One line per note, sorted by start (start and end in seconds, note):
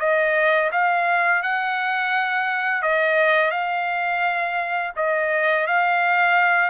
0.00 0.71 D#5
0.72 1.43 F5
1.43 2.82 F#5
2.82 3.51 D#5
3.51 4.93 F5
4.96 5.67 D#5
5.67 6.70 F5